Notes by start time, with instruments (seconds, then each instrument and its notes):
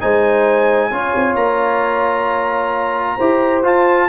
0.00 tuba G#3, trombone D#4, horn C5, trumpet G#5
0.91 tuba C#4, trombone F4, horn C#5
1.15 tuba C4
1.35 tuba A#3, trumpet A#5
3.16 tuba E4, trombone G4, horn C5
3.63 trombone F4, tuba F4, trumpet A5